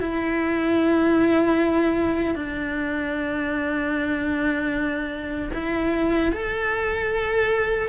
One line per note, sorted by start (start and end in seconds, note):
0.00 2.35 E4
2.35 5.50 D4
5.53 6.32 E4
6.32 7.88 A4